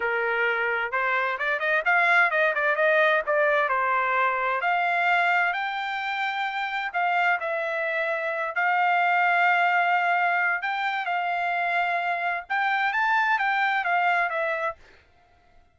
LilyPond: \new Staff \with { instrumentName = "trumpet" } { \time 4/4 \tempo 4 = 130 ais'2 c''4 d''8 dis''8 | f''4 dis''8 d''8 dis''4 d''4 | c''2 f''2 | g''2. f''4 |
e''2~ e''8 f''4.~ | f''2. g''4 | f''2. g''4 | a''4 g''4 f''4 e''4 | }